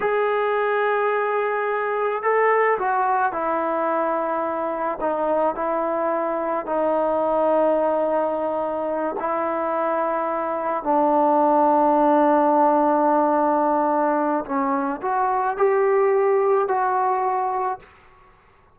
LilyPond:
\new Staff \with { instrumentName = "trombone" } { \time 4/4 \tempo 4 = 108 gis'1 | a'4 fis'4 e'2~ | e'4 dis'4 e'2 | dis'1~ |
dis'8 e'2. d'8~ | d'1~ | d'2 cis'4 fis'4 | g'2 fis'2 | }